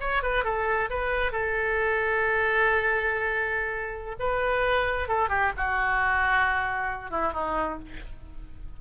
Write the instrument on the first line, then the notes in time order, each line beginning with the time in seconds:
oboe
0.00 C#5
0.23 B4
0.44 A4
0.90 B4
1.32 A4
4.19 B4
5.08 A4
5.29 G4
5.57 F#4
7.11 E4
7.33 D#4